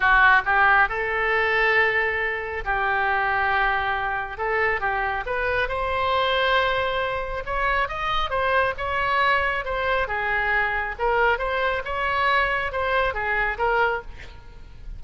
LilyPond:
\new Staff \with { instrumentName = "oboe" } { \time 4/4 \tempo 4 = 137 fis'4 g'4 a'2~ | a'2 g'2~ | g'2 a'4 g'4 | b'4 c''2.~ |
c''4 cis''4 dis''4 c''4 | cis''2 c''4 gis'4~ | gis'4 ais'4 c''4 cis''4~ | cis''4 c''4 gis'4 ais'4 | }